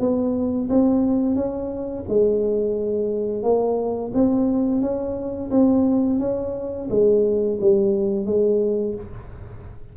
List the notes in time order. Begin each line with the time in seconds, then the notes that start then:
0.00 B3
0.70 C4
1.36 C#4
2.09 G#3
3.43 A#3
4.14 C4
4.82 C#4
5.51 C4
6.20 C#4
6.90 G#3
7.61 G3
8.26 G#3